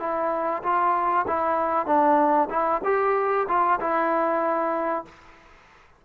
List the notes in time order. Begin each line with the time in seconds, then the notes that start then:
0.00 E4
0.63 F4
1.28 E4
1.86 D4
2.50 E4
2.84 G4
3.48 F4
3.80 E4